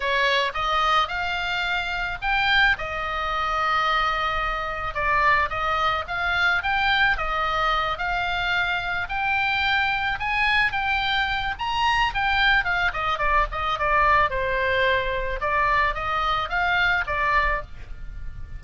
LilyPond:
\new Staff \with { instrumentName = "oboe" } { \time 4/4 \tempo 4 = 109 cis''4 dis''4 f''2 | g''4 dis''2.~ | dis''4 d''4 dis''4 f''4 | g''4 dis''4. f''4.~ |
f''8 g''2 gis''4 g''8~ | g''4 ais''4 g''4 f''8 dis''8 | d''8 dis''8 d''4 c''2 | d''4 dis''4 f''4 d''4 | }